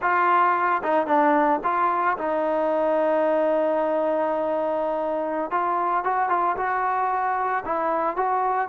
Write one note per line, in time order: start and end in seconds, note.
0.01 0.82 F4
0.83 1.06 D#4
1.06 1.60 D4
1.63 2.17 F4
2.17 5.50 D#4
5.50 6.04 F4
6.04 6.29 F#4
6.29 6.56 F4
6.56 7.64 F#4
7.65 8.16 E4
8.16 8.68 F#4